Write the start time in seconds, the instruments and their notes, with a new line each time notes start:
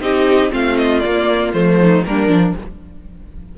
0.00 cello C4, viola D#4, violin G4 D#5
0.50 cello A3, viola C4, violin F4 F5
0.77 violin D#5
0.99 viola A#3, cello A#3, violin D5
1.53 cello F3, viola A3, violin C5
1.80 violin D#4
2.04 cello G3, viola A#3, violin D4 A#4
2.28 cello F3, viola D4